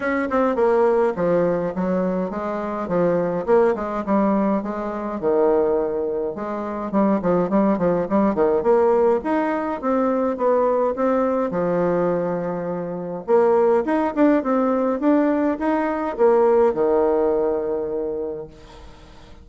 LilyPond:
\new Staff \with { instrumentName = "bassoon" } { \time 4/4 \tempo 4 = 104 cis'8 c'8 ais4 f4 fis4 | gis4 f4 ais8 gis8 g4 | gis4 dis2 gis4 | g8 f8 g8 f8 g8 dis8 ais4 |
dis'4 c'4 b4 c'4 | f2. ais4 | dis'8 d'8 c'4 d'4 dis'4 | ais4 dis2. | }